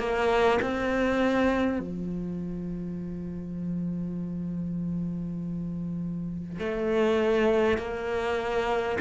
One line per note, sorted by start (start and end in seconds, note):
0.00 0.60 A#3
0.62 1.80 C4
1.80 6.59 F3
6.59 7.78 A3
7.78 8.98 A#3